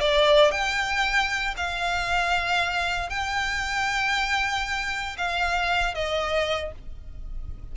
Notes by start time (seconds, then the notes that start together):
0.00 D5
0.51 G5
1.57 F5
3.10 G5
5.18 F5
5.95 D#5